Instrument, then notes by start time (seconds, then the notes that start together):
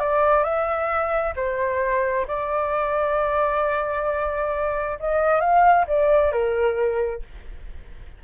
flute
0.00 D5
0.44 E5
1.36 C5
2.28 D5
5.00 D#5
5.41 F5
5.88 D5
6.32 A#4